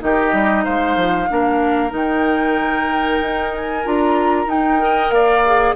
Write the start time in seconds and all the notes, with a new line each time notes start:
0.00 D#3 D#4 G4 D#5
0.33 G3
0.64 G#3 C5 F5
0.97 F3
1.29 A#3 D4 A#4
1.90 D#3 D#4 G5
3.22 D#4
3.55 G#5
3.85 D4 F4 A#5
4.46 D#4 G5
4.79 A#4 D#5
5.10 A#3 D5 F5
5.46 G#4